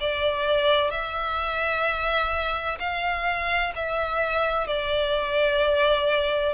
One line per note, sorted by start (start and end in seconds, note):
0.00 0.91 D5
0.91 2.78 E5
2.80 3.73 F5
3.75 4.67 E5
4.67 6.54 D5